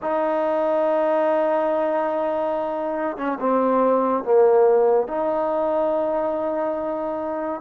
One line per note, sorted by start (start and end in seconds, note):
0.02 3.17 D#4
3.17 3.38 C#4
3.40 4.23 C4
4.23 5.07 A#3
5.07 7.61 D#4